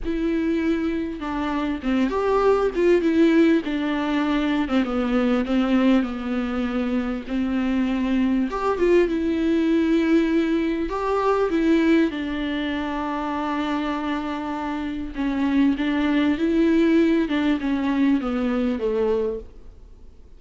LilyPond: \new Staff \with { instrumentName = "viola" } { \time 4/4 \tempo 4 = 99 e'2 d'4 c'8 g'8~ | g'8 f'8 e'4 d'4.~ d'16 c'16 | b4 c'4 b2 | c'2 g'8 f'8 e'4~ |
e'2 g'4 e'4 | d'1~ | d'4 cis'4 d'4 e'4~ | e'8 d'8 cis'4 b4 a4 | }